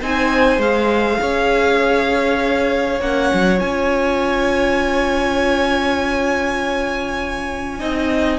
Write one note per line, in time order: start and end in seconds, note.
0.00 0.57 C4
0.00 0.59 D#4
0.00 1.20 C5
0.00 0.61 G#5
0.57 1.17 G#3
0.57 2.99 G#4
0.57 3.00 F5
1.20 3.00 C#4
1.20 7.79 C#5
3.00 3.30 A#3
3.00 3.59 C#4
3.00 3.59 F#5
3.33 3.60 F#3
3.59 7.80 C#4
3.59 7.78 F4
3.59 8.38 G#5
7.78 8.38 C4
7.78 8.38 D#4
7.78 8.38 D#5